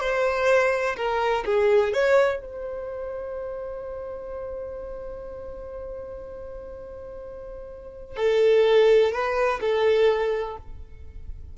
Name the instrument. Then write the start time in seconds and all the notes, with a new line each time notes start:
violin
0.00 C5
0.96 A#4
1.45 G#4
1.93 C#5
2.41 C5
8.16 A4
9.12 B4
9.61 A4